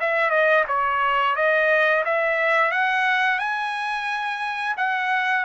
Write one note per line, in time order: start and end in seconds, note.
0.00 0.30 E5
0.30 0.64 D#5
0.68 1.36 C#5
1.36 2.04 D#5
2.05 2.71 E5
2.71 3.39 F#5
3.39 4.75 G#5
4.77 5.45 F#5